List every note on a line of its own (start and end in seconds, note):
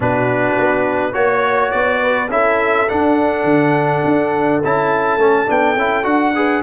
0.00 0.53 B2
0.00 1.13 D4
0.00 1.12 F#4
0.00 1.14 B4
0.58 1.15 B3
1.12 1.72 A#3
1.12 2.28 F#4
1.12 1.98 C#5
1.12 1.71 C#5
1.71 2.28 B3
1.71 2.28 D5
2.02 2.31 B4
2.28 2.86 C#4
2.28 2.88 E4
2.28 6.36 A4
2.28 2.88 E5
2.88 4.62 D4
2.88 3.44 D4
2.88 4.61 F#5
3.44 4.01 D3
4.04 4.62 D4
4.64 5.17 C#4
4.64 5.19 E4
4.64 5.50 A5
5.17 5.46 A3
5.17 5.46 C#4
5.46 5.75 B3
5.46 5.75 D4
5.46 6.05 G5
5.75 6.04 C#4
5.75 6.03 E4
6.03 6.62 D4
6.03 6.32 F#4
6.03 6.62 F#5
6.35 6.62 G#4
6.35 6.62 B4